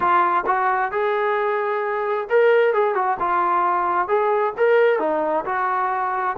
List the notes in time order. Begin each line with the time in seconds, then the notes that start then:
0.00 F4
0.46 F#4
0.91 G#4
2.29 A#4
2.73 G#4
2.94 F#4
3.19 F4
4.07 G#4
4.57 A#4
4.99 D#4
5.45 F#4